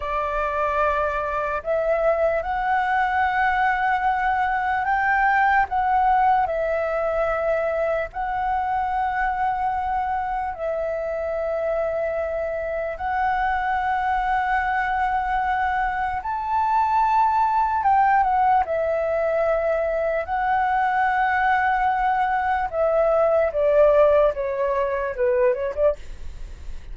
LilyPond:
\new Staff \with { instrumentName = "flute" } { \time 4/4 \tempo 4 = 74 d''2 e''4 fis''4~ | fis''2 g''4 fis''4 | e''2 fis''2~ | fis''4 e''2. |
fis''1 | a''2 g''8 fis''8 e''4~ | e''4 fis''2. | e''4 d''4 cis''4 b'8 cis''16 d''16 | }